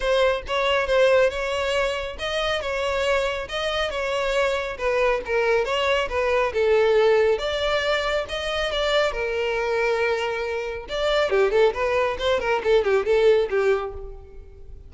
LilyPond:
\new Staff \with { instrumentName = "violin" } { \time 4/4 \tempo 4 = 138 c''4 cis''4 c''4 cis''4~ | cis''4 dis''4 cis''2 | dis''4 cis''2 b'4 | ais'4 cis''4 b'4 a'4~ |
a'4 d''2 dis''4 | d''4 ais'2.~ | ais'4 d''4 g'8 a'8 b'4 | c''8 ais'8 a'8 g'8 a'4 g'4 | }